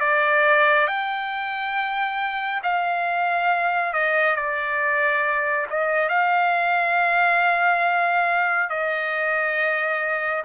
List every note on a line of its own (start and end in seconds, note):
0.00 0.87 D5
0.87 2.61 G5
2.63 3.93 F5
3.93 4.36 D#5
4.36 5.66 D5
5.70 6.09 D#5
6.09 8.69 F5
8.69 10.43 D#5